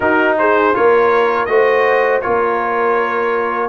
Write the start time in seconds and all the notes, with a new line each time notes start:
0.00 D#4 F#4 A#4
0.38 G#4 C5
0.73 A#3 F4 A#4 C#5
1.45 A3 F#4 C5 D#5
2.21 A#3 F4 A#4 C#5